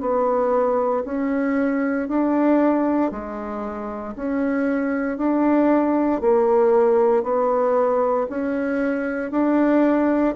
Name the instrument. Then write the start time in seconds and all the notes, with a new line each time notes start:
bassoon
0.00 B3
1.04 C#4
2.08 D4
3.11 G#3
4.16 C#4
5.17 D4
6.21 A#3
7.23 B3
8.29 C#4
9.31 D4